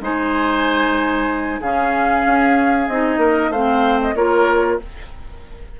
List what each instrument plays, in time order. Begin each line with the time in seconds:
0.00 bassoon G#3, clarinet D#4, oboe C5, flute G#5
1.60 bassoon C#3, clarinet C#4, oboe G#4, flute F5
2.26 bassoon C#4
2.88 bassoon C4, clarinet D#4, flute D#5
3.17 bassoon A#3, oboe A#4
3.49 bassoon A3, clarinet C4, oboe C5, flute F5
4.01 flute D#5
4.15 bassoon A#3, clarinet F4, oboe A#4, flute C#5